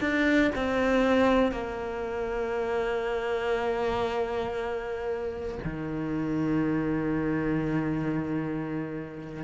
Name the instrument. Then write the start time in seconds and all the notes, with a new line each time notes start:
cello
0.00 D4
0.55 C4
1.51 A#3
5.64 D#3